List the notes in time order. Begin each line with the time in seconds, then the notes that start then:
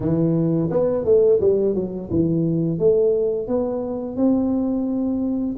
0.00 E3
0.70 B3
1.04 A3
1.40 G3
1.74 F#3
2.10 E3
2.78 A3
3.47 B3
4.16 C4